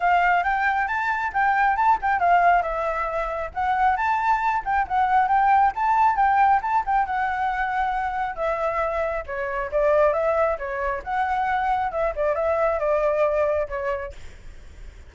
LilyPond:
\new Staff \with { instrumentName = "flute" } { \time 4/4 \tempo 4 = 136 f''4 g''4 a''4 g''4 | a''8 g''8 f''4 e''2 | fis''4 a''4. g''8 fis''4 | g''4 a''4 g''4 a''8 g''8 |
fis''2. e''4~ | e''4 cis''4 d''4 e''4 | cis''4 fis''2 e''8 d''8 | e''4 d''2 cis''4 | }